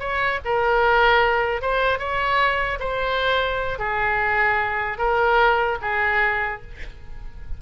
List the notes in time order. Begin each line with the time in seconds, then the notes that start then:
0.00 C#5
0.45 A#4
1.62 C5
1.99 C#5
2.80 C5
3.79 G#4
4.98 A#4
5.82 G#4